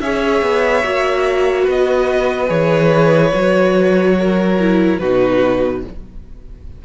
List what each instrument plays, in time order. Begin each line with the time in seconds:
0.00 cello C#4, viola G#4, violin C#5 E5
0.41 cello B3
0.83 cello A#3, viola F#4
1.63 cello B3, violin B4
1.69 violin D#5
2.47 cello E3, viola G#4, violin C#5
3.33 cello F#3, viola F#4
4.18 violin A#4
4.59 viola E4
4.98 cello B2, viola D#4, violin F#4 B4